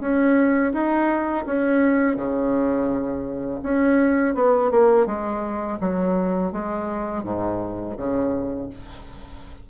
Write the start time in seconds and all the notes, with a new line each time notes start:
0.00 C#4
0.73 D#4
1.46 C#4
2.16 C#3
3.62 C#4
4.35 B3
4.71 A#3
5.06 G#3
5.80 F#3
6.52 G#3
7.23 G#2
7.97 C#3